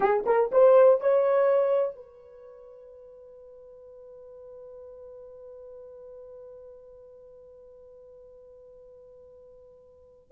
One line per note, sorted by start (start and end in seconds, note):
0.00 0.24 G#4
0.26 0.50 A#4
0.51 1.00 C5
1.00 1.95 C#5
1.95 10.31 B4